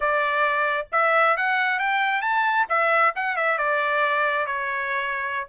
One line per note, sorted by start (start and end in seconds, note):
0.00 0.87 D5
0.92 1.36 E5
1.37 1.79 F#5
1.79 2.21 G5
2.21 2.66 A5
2.69 3.14 E5
3.15 3.36 F#5
3.36 3.58 E5
3.58 4.46 D5
4.46 5.47 C#5